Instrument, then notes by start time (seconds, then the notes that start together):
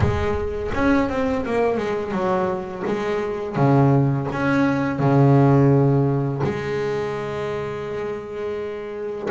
double bass
0.00 G#3
0.74 C#4
1.09 C4
1.45 A#3
1.77 G#3
2.11 F#3
2.86 G#3
3.56 C#3
4.32 C#4
4.99 C#3
6.43 G#3